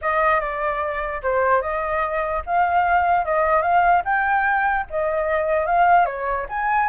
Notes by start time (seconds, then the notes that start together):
0.01 D#5
0.40 D5
1.23 C5
1.61 D#5
2.46 F5
3.25 D#5
3.62 F5
4.04 G5
4.89 D#5
5.66 F5
6.05 C#5
6.49 G#5